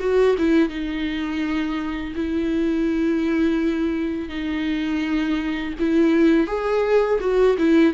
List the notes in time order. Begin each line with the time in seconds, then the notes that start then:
0.00 F#4
0.39 E4
0.69 D#4
2.16 E4
4.29 D#4
5.80 E4
6.47 G#4
7.21 F#4
7.59 E4